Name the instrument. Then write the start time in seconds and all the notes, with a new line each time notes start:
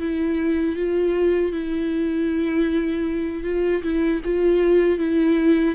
viola
0.00 E4
0.76 F4
1.52 E4
3.44 F4
3.83 E4
4.24 F4
4.99 E4